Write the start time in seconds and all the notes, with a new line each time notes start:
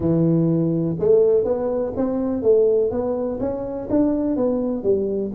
0.00 E3
0.99 A3
1.44 B3
1.96 C4
2.42 A3
2.91 B3
3.40 C#4
3.90 D4
4.36 B3
4.83 G3